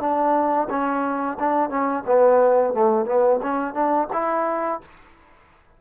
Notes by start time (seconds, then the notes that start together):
0.00 D4
0.70 C#4
1.40 D4
1.70 C#4
2.07 B3
2.74 A3
3.06 B3
3.43 C#4
3.74 D4
4.13 E4